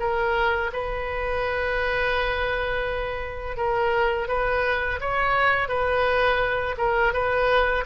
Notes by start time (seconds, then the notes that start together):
0.00 A#4
0.73 B4
3.57 A#4
4.28 B4
5.01 C#5
5.69 B4
6.78 A#4
7.14 B4